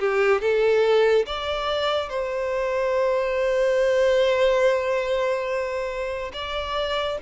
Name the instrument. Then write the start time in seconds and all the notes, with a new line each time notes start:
violin
0.00 G4
0.41 A4
1.26 D5
2.10 C5
6.34 D5